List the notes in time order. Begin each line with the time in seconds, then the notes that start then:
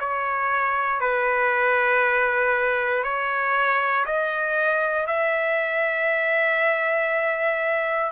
0.00 C#5
1.00 B4
3.04 C#5
4.05 D#5
5.07 E5